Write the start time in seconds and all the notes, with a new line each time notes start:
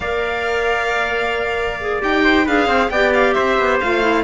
0.00 A#3 A#4 D5 F5
1.81 G#4
2.00 D#4 G4 G5
2.24 C5
2.45 D4 G#4 B4 F5
2.66 C4 C5
2.90 B3 G4 D5 G5
3.13 F5
3.33 C4 C5 E5
3.58 B3
3.80 A3 F4 F5
4.02 E4